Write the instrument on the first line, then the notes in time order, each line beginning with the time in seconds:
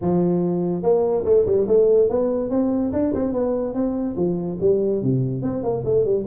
tuba
0.01 F3
0.82 A#3
1.25 A3
1.45 G3
1.67 A3
2.09 B3
2.50 C4
2.92 D4
3.13 C4
3.32 B3
3.73 C4
4.16 F3
4.60 G3
5.02 C3
5.42 C4
5.63 A#3
5.84 A3
6.04 G3